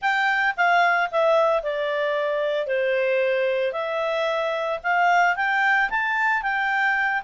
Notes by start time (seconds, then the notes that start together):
0.01 G5
0.56 F5
1.11 E5
1.62 D5
2.66 C5
3.72 E5
4.83 F5
5.36 G5
5.90 A5
6.42 G5